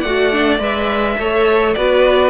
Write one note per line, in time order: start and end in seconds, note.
0.00 0.59 A3
0.00 0.31 F#4
0.00 1.14 D5
0.00 0.57 F#5
0.31 0.59 D4
0.59 1.16 G#3
0.59 1.16 B4
0.59 1.73 E5
1.18 1.75 A3
1.18 1.76 A4
1.18 1.76 C#5
1.73 2.30 B3
1.73 2.30 F#4
1.73 2.30 B4
1.73 2.30 D5